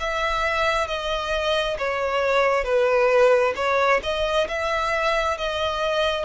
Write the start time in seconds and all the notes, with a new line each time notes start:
0.00 E5
0.88 D#5
1.78 C#5
2.64 B4
3.56 C#5
4.03 D#5
4.49 E5
5.37 D#5